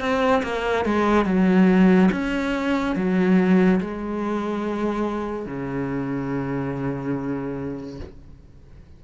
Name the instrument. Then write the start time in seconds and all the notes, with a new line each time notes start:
cello
0.00 C4
0.43 A#3
0.85 G#3
1.25 F#3
2.12 C#4
2.96 F#3
3.80 G#3
5.46 C#3